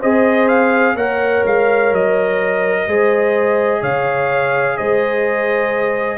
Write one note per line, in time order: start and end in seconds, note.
0.00 0.96 C4
0.00 0.98 G#4
0.00 0.95 C5
0.00 0.49 D#5
0.49 0.96 F5
0.96 1.43 A#3
0.96 2.88 A#4
0.96 2.87 C#5
0.96 1.45 F#5
1.45 1.93 G#3
1.45 1.94 F5
1.93 2.88 F#3
1.93 3.83 D#5
2.88 3.82 G#3
2.88 6.19 G#4
2.88 3.81 C5
3.81 4.78 C#3
3.81 4.77 C#5
3.81 4.78 F5
4.78 6.19 G#3
4.78 6.19 C5
4.78 6.19 D#5